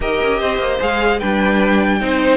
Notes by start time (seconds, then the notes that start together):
0.00 D#4 G4 A#4 D#5
0.22 C#4
0.39 C4 C5
0.58 A#3
0.80 G#3 G#4 F5
1.18 G3 D4 B4 G5
2.00 C4 D#4 C5